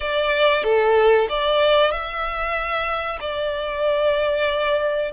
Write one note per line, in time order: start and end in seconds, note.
0.00 0.63 D5
0.63 1.27 A4
1.29 1.91 D5
1.91 3.19 E5
3.20 5.12 D5